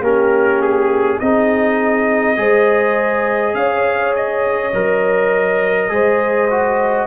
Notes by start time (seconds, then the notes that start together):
0.00 A#3 C#4 G4 A#4
0.62 G#4
1.20 C4 D#4 G#4 D#5
2.37 G#3 G#4 C5
3.55 C#4 C#5 F5
4.16 D#5
4.74 F#3 A#4
5.90 G#3 G#4 C5
6.50 F#4